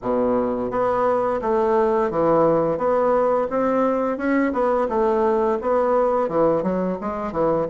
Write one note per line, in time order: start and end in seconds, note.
0.02 0.70 B2
0.70 1.40 B3
1.41 2.10 A3
2.10 2.77 E3
2.77 3.47 B3
3.49 4.17 C4
4.17 4.52 C#4
4.52 4.87 B3
4.88 5.58 A3
5.61 6.28 B3
6.28 6.62 E3
6.62 6.97 F#3
7.01 7.32 G#3
7.32 7.66 E3